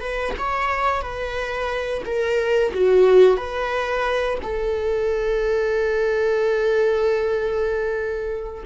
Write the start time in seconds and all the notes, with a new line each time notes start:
0.00 B4
0.38 C#5
1.01 B4
2.05 A#4
2.74 F#4
3.37 B4
4.42 A4